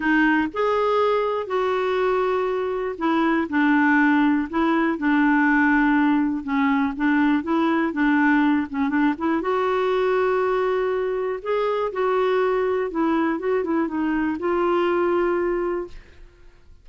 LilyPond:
\new Staff \with { instrumentName = "clarinet" } { \time 4/4 \tempo 4 = 121 dis'4 gis'2 fis'4~ | fis'2 e'4 d'4~ | d'4 e'4 d'2~ | d'4 cis'4 d'4 e'4 |
d'4. cis'8 d'8 e'8 fis'4~ | fis'2. gis'4 | fis'2 e'4 fis'8 e'8 | dis'4 f'2. | }